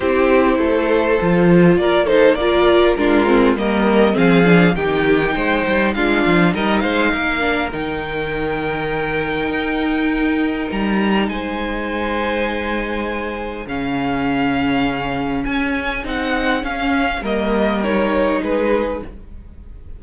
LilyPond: <<
  \new Staff \with { instrumentName = "violin" } { \time 4/4 \tempo 4 = 101 c''2. d''8 c''8 | d''4 ais'4 dis''4 f''4 | g''2 f''4 dis''8 f''8~ | f''4 g''2.~ |
g''2 ais''4 gis''4~ | gis''2. f''4~ | f''2 gis''4 fis''4 | f''4 dis''4 cis''4 b'4 | }
  \new Staff \with { instrumentName = "violin" } { \time 4/4 g'4 a'2 ais'8 a'8 | ais'4 f'4 ais'4 gis'4 | g'4 c''4 f'4 ais'8 c''8 | ais'1~ |
ais'2. c''4~ | c''2. gis'4~ | gis'1~ | gis'4 ais'2 gis'4 | }
  \new Staff \with { instrumentName = "viola" } { \time 4/4 e'2 f'4. dis'8 | f'4 d'8 c'8 ais4 c'8 d'8 | dis'2 d'4 dis'4~ | dis'8 d'8 dis'2.~ |
dis'1~ | dis'2. cis'4~ | cis'2. dis'4 | cis'4 ais4 dis'2 | }
  \new Staff \with { instrumentName = "cello" } { \time 4/4 c'4 a4 f4 ais4~ | ais4 gis4 g4 f4 | dis4 gis8 g8 gis8 f8 g8 gis8 | ais4 dis2. |
dis'2 g4 gis4~ | gis2. cis4~ | cis2 cis'4 c'4 | cis'4 g2 gis4 | }
>>